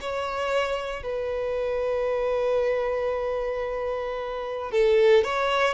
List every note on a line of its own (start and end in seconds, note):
0.00 1.03 C#5
1.03 4.71 B4
4.71 5.23 A4
5.23 5.73 C#5